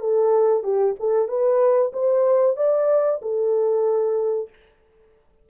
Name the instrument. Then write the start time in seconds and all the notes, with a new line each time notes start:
horn
0.00 A4
0.64 G4
1.00 A4
1.29 B4
1.94 C5
2.57 D5
3.22 A4